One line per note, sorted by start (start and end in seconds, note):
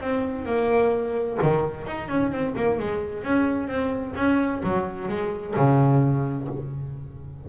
0.00 0.45 C4
0.45 1.37 A#3
1.42 1.86 D#3
1.86 2.08 D#4
2.08 2.31 C#4
2.31 2.54 C4
2.55 2.78 A#3
2.78 3.23 G#3
3.23 3.68 C#4
3.68 4.14 C4
4.15 4.62 C#4
4.63 5.08 F#3
5.08 5.54 G#3
5.56 6.48 C#3